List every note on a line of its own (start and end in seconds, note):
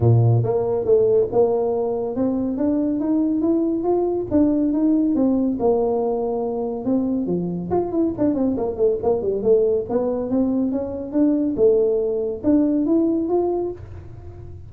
0.00 0.43 A#2
0.43 0.85 A#3
0.85 1.27 A3
1.32 2.15 A#3
2.15 2.57 C4
2.57 3.00 D4
3.00 3.41 D#4
3.41 3.83 E4
3.83 4.26 F4
4.31 4.72 D4
4.72 5.15 D#4
5.15 5.58 C4
5.59 6.84 A#3
6.84 7.26 C4
7.26 7.69 F3
7.70 7.92 F4
7.92 8.13 E4
8.18 8.34 D4
8.34 8.56 C4
8.57 8.76 A#3
8.76 8.98 A3
9.03 9.22 A#3
9.22 9.42 G3
9.42 9.85 A3
9.89 10.30 B3
10.30 10.71 C4
10.71 11.11 C#4
11.11 11.54 D4
11.56 12.41 A3
12.43 12.86 D4
12.86 13.28 E4
13.28 13.71 F4